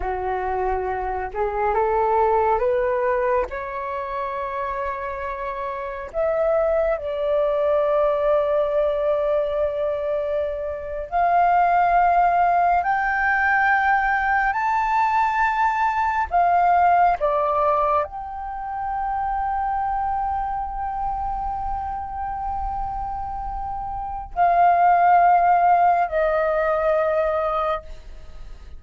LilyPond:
\new Staff \with { instrumentName = "flute" } { \time 4/4 \tempo 4 = 69 fis'4. gis'8 a'4 b'4 | cis''2. e''4 | d''1~ | d''8. f''2 g''4~ g''16~ |
g''8. a''2 f''4 d''16~ | d''8. g''2.~ g''16~ | g''1 | f''2 dis''2 | }